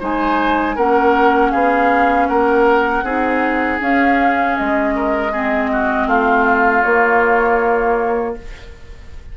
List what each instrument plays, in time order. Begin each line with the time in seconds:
0.00 bassoon G#3, clarinet D#4, oboe C5, flute G#5
0.76 bassoon A#3, clarinet C#4, oboe A#4, flute F#5
1.51 bassoon B3, oboe G#4, flute F5
2.28 bassoon A#3, oboe A#4, flute F#5
3.04 bassoon C4, clarinet D#4, oboe G#4
3.80 clarinet C#4, bassoon C#4, flute F5
4.58 bassoon G#3, flute D#5
4.96 oboe A#4
5.32 clarinet C4, oboe G#4
5.72 oboe F#4
6.07 bassoon A3, oboe F4, flute F5
6.83 bassoon A#3, clarinet A#3, flute C#5